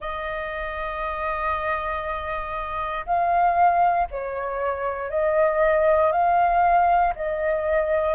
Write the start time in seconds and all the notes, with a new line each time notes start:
0.00 D#5
3.06 F5
4.10 C#5
5.10 D#5
6.12 F5
7.15 D#5